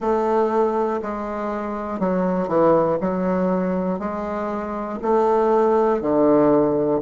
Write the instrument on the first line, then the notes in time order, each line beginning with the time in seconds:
bassoon
0.00 A3
1.01 G#3
1.99 F#3
2.48 E3
3.00 F#3
3.99 G#3
5.02 A3
6.01 D3